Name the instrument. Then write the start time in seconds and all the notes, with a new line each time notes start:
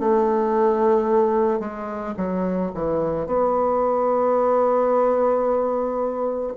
bassoon
0.00 A3
1.60 G#3
2.17 F#3
2.75 E3
3.27 B3